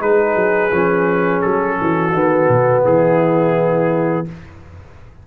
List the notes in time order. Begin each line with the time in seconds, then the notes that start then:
0.00 G#3 D#4 G#4 B4
0.35 F#3
0.71 F3 C#4
1.41 F#3 A4
1.81 E3 F#4
2.14 D#3 B3
2.48 B2
2.85 E3 E4 G#4